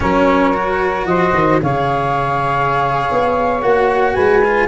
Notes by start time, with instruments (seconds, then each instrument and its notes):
0.00 tuba F#3, cello C#4, saxophone A#4, flute C#5
0.53 cello F#4
1.05 tuba F3, saxophone C5, flute D#5
1.33 tuba D#3
1.61 tuba C#3, cello G#4, saxophone C#5, flute F5
3.11 tuba B3
3.61 tuba A#3, cello F#4, flute F#5
4.13 tuba G#3, saxophone B4, flute G#5
4.44 cello F4